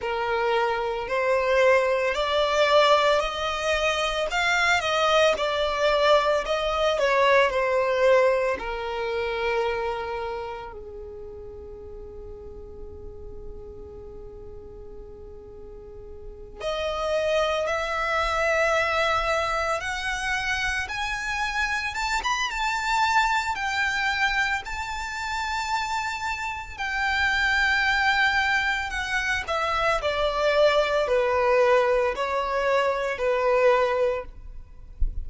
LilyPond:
\new Staff \with { instrumentName = "violin" } { \time 4/4 \tempo 4 = 56 ais'4 c''4 d''4 dis''4 | f''8 dis''8 d''4 dis''8 cis''8 c''4 | ais'2 gis'2~ | gis'2.~ gis'8 dis''8~ |
dis''8 e''2 fis''4 gis''8~ | gis''8 a''16 b''16 a''4 g''4 a''4~ | a''4 g''2 fis''8 e''8 | d''4 b'4 cis''4 b'4 | }